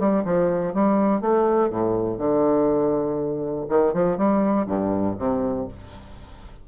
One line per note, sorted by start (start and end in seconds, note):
0.00 0.25 G3
0.25 0.74 F3
0.74 1.22 G3
1.22 1.71 A3
1.71 2.19 A2
2.19 3.66 D3
3.70 3.94 D#3
3.94 4.18 F3
4.18 4.67 G3
4.67 5.17 G2
5.19 5.68 C3